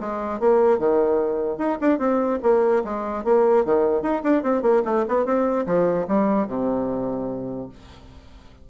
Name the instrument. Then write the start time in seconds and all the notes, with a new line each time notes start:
bassoon
0.00 G#3
0.39 A#3
0.78 D#3
1.58 D#4
1.81 D4
1.98 C4
2.42 A#3
2.84 G#3
3.24 A#3
3.65 D#3
4.02 D#4
4.23 D4
4.43 C4
4.62 A#3
4.85 A3
5.08 B3
5.25 C4
5.66 F3
6.07 G3
6.47 C3